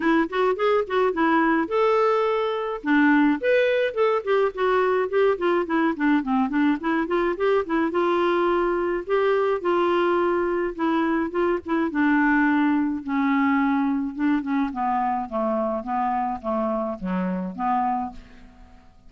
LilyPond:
\new Staff \with { instrumentName = "clarinet" } { \time 4/4 \tempo 4 = 106 e'8 fis'8 gis'8 fis'8 e'4 a'4~ | a'4 d'4 b'4 a'8 g'8 | fis'4 g'8 f'8 e'8 d'8 c'8 d'8 | e'8 f'8 g'8 e'8 f'2 |
g'4 f'2 e'4 | f'8 e'8 d'2 cis'4~ | cis'4 d'8 cis'8 b4 a4 | b4 a4 fis4 b4 | }